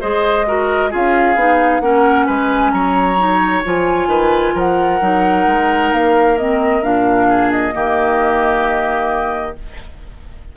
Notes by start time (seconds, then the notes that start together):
0.00 G#3 G#4 C5 D#5
0.47 F#4 A#4
0.90 C#4 F4 G#4 F5
1.35 B3 D#4
1.80 A#3 C#4 A#4 F#5
2.26 G#3 B4 G#5
2.71 F#3 C#5 A#5
3.18 D#4
3.64 F3 F4 G#5
4.06 D#3 B4
4.54 F3 A#4 F#5
5.00 F#3 D#4
5.46 G#3
5.92 A#3 F5
6.37 C4 D#5
6.82 A#2 D4 F5
7.28 G#4
7.51 D#5
7.72 D#3 A#3 G4